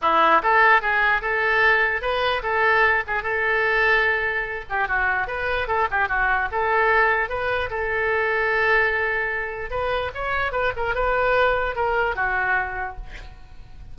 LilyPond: \new Staff \with { instrumentName = "oboe" } { \time 4/4 \tempo 4 = 148 e'4 a'4 gis'4 a'4~ | a'4 b'4 a'4. gis'8 | a'2.~ a'8 g'8 | fis'4 b'4 a'8 g'8 fis'4 |
a'2 b'4 a'4~ | a'1 | b'4 cis''4 b'8 ais'8 b'4~ | b'4 ais'4 fis'2 | }